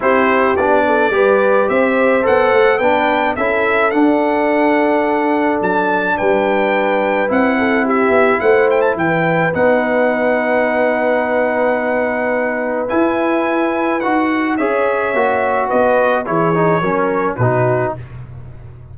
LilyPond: <<
  \new Staff \with { instrumentName = "trumpet" } { \time 4/4 \tempo 4 = 107 c''4 d''2 e''4 | fis''4 g''4 e''4 fis''4~ | fis''2 a''4 g''4~ | g''4 fis''4 e''4 fis''8 g''16 a''16 |
g''4 fis''2.~ | fis''2. gis''4~ | gis''4 fis''4 e''2 | dis''4 cis''2 b'4 | }
  \new Staff \with { instrumentName = "horn" } { \time 4/4 g'4. a'8 b'4 c''4~ | c''4 b'4 a'2~ | a'2. b'4~ | b'4. a'8 g'4 c''4 |
b'1~ | b'1~ | b'2 cis''2 | b'4 gis'4 ais'4 fis'4 | }
  \new Staff \with { instrumentName = "trombone" } { \time 4/4 e'4 d'4 g'2 | a'4 d'4 e'4 d'4~ | d'1~ | d'4 e'2.~ |
e'4 dis'2.~ | dis'2. e'4~ | e'4 fis'4 gis'4 fis'4~ | fis'4 e'8 dis'8 cis'4 dis'4 | }
  \new Staff \with { instrumentName = "tuba" } { \time 4/4 c'4 b4 g4 c'4 | b8 a8 b4 cis'4 d'4~ | d'2 fis4 g4~ | g4 c'4. b8 a4 |
e4 b2.~ | b2. e'4~ | e'4 dis'4 cis'4 ais4 | b4 e4 fis4 b,4 | }
>>